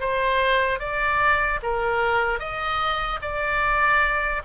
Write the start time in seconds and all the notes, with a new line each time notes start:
0.00 C5
0.79 D5
1.62 A#4
2.39 D#5
3.21 D5